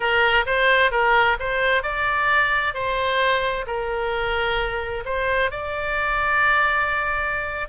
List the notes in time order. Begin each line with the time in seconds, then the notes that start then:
0.00 A#4
0.45 C5
0.91 A#4
1.39 C5
1.82 D5
2.74 C5
3.66 A#4
5.05 C5
5.50 D5